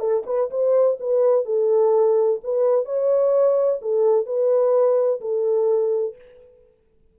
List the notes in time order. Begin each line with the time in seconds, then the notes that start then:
0.00 A4
0.27 B4
0.51 C5
1.01 B4
1.46 A4
2.44 B4
2.86 C#5
3.82 A4
4.26 B4
5.21 A4